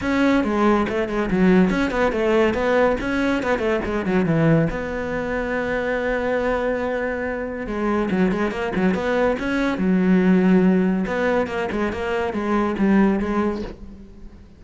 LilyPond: \new Staff \with { instrumentName = "cello" } { \time 4/4 \tempo 4 = 141 cis'4 gis4 a8 gis8 fis4 | cis'8 b8 a4 b4 cis'4 | b8 a8 gis8 fis8 e4 b4~ | b1~ |
b2 gis4 fis8 gis8 | ais8 fis8 b4 cis'4 fis4~ | fis2 b4 ais8 gis8 | ais4 gis4 g4 gis4 | }